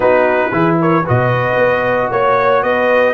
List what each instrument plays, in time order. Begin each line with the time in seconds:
0.00 tuba B3, trombone D#4, horn F#4, trumpet B4
0.51 tuba E3, trombone E4, horn G#4
0.80 horn A#4, trumpet C#5
1.03 tuba B2, trombone F#4, horn B4, trumpet D#5
1.57 tuba B3
2.10 tuba A#3, trumpet C#5, horn C#5
2.62 tuba B3, horn B4, trumpet D#5